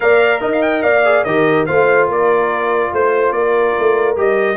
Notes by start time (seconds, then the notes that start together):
0.00 A#3 A#4 D5 F5
0.40 D#4 D#5
0.52 F5
0.62 G5
0.82 A#3 D5 F5
1.04 G#4
1.24 D#3 G4 A#4 D#5
1.66 A3 F4 C5 F5
2.07 A#3 A#4 D5
2.92 A3 C5
3.31 A#3 A#4 D5
3.79 A3
4.16 G3 G4 D#5